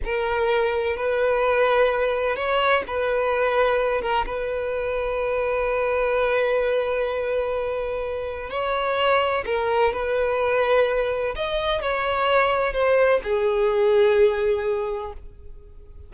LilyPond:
\new Staff \with { instrumentName = "violin" } { \time 4/4 \tempo 4 = 127 ais'2 b'2~ | b'4 cis''4 b'2~ | b'8 ais'8 b'2.~ | b'1~ |
b'2 cis''2 | ais'4 b'2. | dis''4 cis''2 c''4 | gis'1 | }